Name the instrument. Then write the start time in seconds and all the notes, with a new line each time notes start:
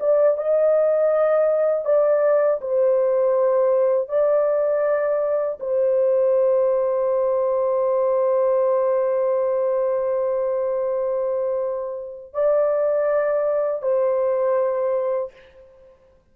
horn
0.00 D5
0.38 D#5
1.85 D5
2.61 C5
4.09 D5
5.60 C5
12.33 D5
13.82 C5